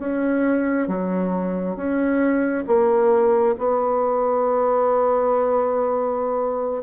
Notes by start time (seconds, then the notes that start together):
0.00 C#4
0.88 F#3
1.76 C#4
2.68 A#3
3.59 B3